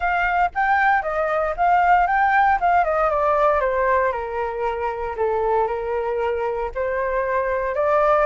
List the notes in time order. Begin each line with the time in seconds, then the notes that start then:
0.00 F5
0.54 G5
1.02 D#5
1.57 F5
2.07 G5
2.60 F5
2.84 D#5
3.10 D5
3.60 C5
4.12 A#4
5.16 A4
5.67 A#4
6.74 C5
7.74 D5